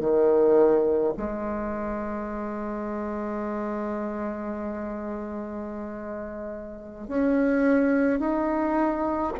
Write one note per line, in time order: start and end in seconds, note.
0.00 1.13 D#3
1.17 7.08 G#3
7.08 8.19 C#4
8.19 9.32 D#4